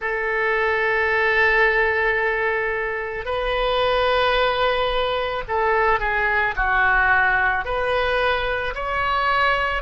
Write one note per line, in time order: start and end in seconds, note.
0.00 3.25 A4
3.25 5.43 B4
5.47 6.00 A4
6.00 6.54 G#4
6.56 7.65 F#4
7.65 8.74 B4
8.74 9.82 C#5